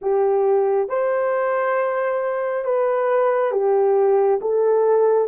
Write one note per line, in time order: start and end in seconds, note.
0.01 0.88 G4
0.88 2.65 C5
2.65 3.51 B4
3.51 4.39 G4
4.41 5.28 A4